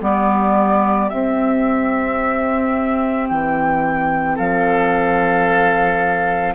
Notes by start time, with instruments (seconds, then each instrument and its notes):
0.00 bassoon G3, clarinet B3, oboe G4, flute D5
1.09 clarinet C4, bassoon C4, flute E5
3.29 bassoon E3, flute G5
4.35 bassoon F3, oboe A4, flute F5